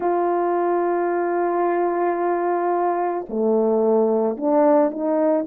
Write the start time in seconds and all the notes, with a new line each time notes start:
0.00 F4
3.29 A3
4.36 D4
4.90 D#4